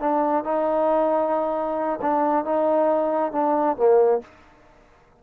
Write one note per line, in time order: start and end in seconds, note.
0.00 0.44 D4
0.44 2.00 D#4
2.02 2.45 D4
2.45 3.32 D#4
3.32 3.77 D4
3.77 4.21 A#3